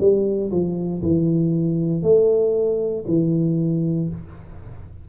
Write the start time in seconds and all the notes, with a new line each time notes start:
0.00 G3
0.51 F3
1.02 E3
2.03 A3
3.07 E3